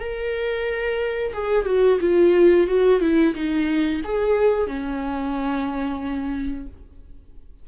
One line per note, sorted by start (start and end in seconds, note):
0.00 1.33 A#4
1.34 1.66 G#4
1.66 1.99 F#4
2.01 2.68 F4
2.68 3.01 F#4
3.01 3.34 E4
3.35 4.02 D#4
4.05 4.67 G#4
4.67 6.67 C#4